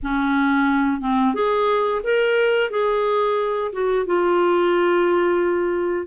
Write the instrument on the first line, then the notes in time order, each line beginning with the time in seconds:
clarinet
0.02 C#4
1.01 C4
1.34 G#4
2.03 A#4
2.70 G#4
3.72 F#4
4.06 F4